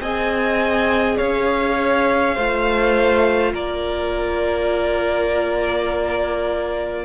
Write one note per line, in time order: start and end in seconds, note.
0.00 1.18 C4
0.00 2.37 G#4
0.00 1.17 D#5
0.00 1.17 G#5
1.17 2.36 C#4
1.17 2.35 C#5
1.17 3.53 F5
2.35 3.53 A3
2.35 7.05 F4
2.35 3.52 C5
3.53 7.05 A#3
3.53 7.05 A#4
3.53 7.05 D5